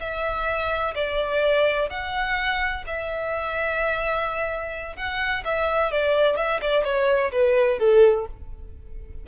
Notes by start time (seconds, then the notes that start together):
0.00 E5
0.95 D5
1.90 F#5
2.87 E5
4.96 F#5
5.45 E5
5.91 D5
6.37 E5
6.61 D5
6.84 C#5
7.32 B4
7.79 A4